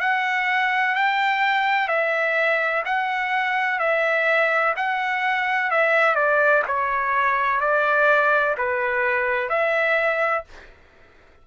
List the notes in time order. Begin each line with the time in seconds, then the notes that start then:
0.00 F#5
0.95 G5
1.88 E5
2.85 F#5
3.79 E5
4.76 F#5
5.71 E5
6.15 D5
6.67 C#5
7.60 D5
8.58 B4
9.49 E5